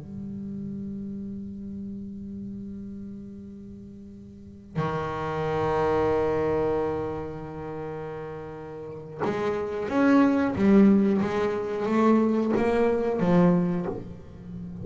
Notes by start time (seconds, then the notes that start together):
0.00 G3
4.76 D#3
9.24 G#3
9.88 C#4
10.55 G3
11.21 G#3
11.85 A3
12.56 A#3
13.19 F3